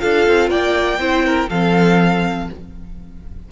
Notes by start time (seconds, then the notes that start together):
0.00 D4 F4 A4 F5
0.27 C4
0.50 A#3 D5 G5
0.99 C4 E4 C5
1.26 A#4
1.50 F3 C4 A4 F5